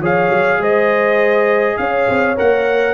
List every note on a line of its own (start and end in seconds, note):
0.00 0.29 F3
0.00 2.37 G#4
0.00 0.59 C#5
0.00 0.63 F5
0.30 0.58 F#3
0.58 1.76 G#3
0.58 1.78 C5
0.58 1.77 D#5
1.77 2.08 C#4
1.77 2.94 C#5
1.77 2.36 F5
2.09 2.38 C4
2.37 2.94 A#3
2.37 2.94 A#4
2.37 2.94 F#5